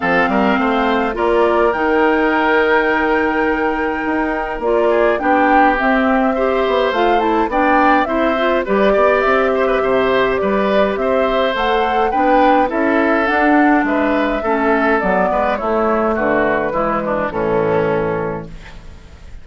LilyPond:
<<
  \new Staff \with { instrumentName = "flute" } { \time 4/4 \tempo 4 = 104 f''2 d''4 g''4~ | g''1 | d''4 g''4 e''2 | f''8 a''8 g''4 e''4 d''4 |
e''2 d''4 e''4 | fis''4 g''4 e''4 fis''4 | e''2 d''4 cis''4 | b'2 a'2 | }
  \new Staff \with { instrumentName = "oboe" } { \time 4/4 a'8 ais'8 c''4 ais'2~ | ais'1~ | ais'8 gis'8 g'2 c''4~ | c''4 d''4 c''4 b'8 d''8~ |
d''8 c''16 b'16 c''4 b'4 c''4~ | c''4 b'4 a'2 | b'4 a'4. b'8 e'4 | fis'4 e'8 d'8 cis'2 | }
  \new Staff \with { instrumentName = "clarinet" } { \time 4/4 c'2 f'4 dis'4~ | dis'1 | f'4 d'4 c'4 g'4 | f'8 e'8 d'4 e'8 f'8 g'4~ |
g'1 | a'4 d'4 e'4 d'4~ | d'4 cis'4 b4 a4~ | a4 gis4 e2 | }
  \new Staff \with { instrumentName = "bassoon" } { \time 4/4 f8 g8 a4 ais4 dis4~ | dis2. dis'4 | ais4 b4 c'4. b8 | a4 b4 c'4 g8 b8 |
c'4 c4 g4 c'4 | a4 b4 cis'4 d'4 | gis4 a4 fis8 gis8 a4 | d4 e4 a,2 | }
>>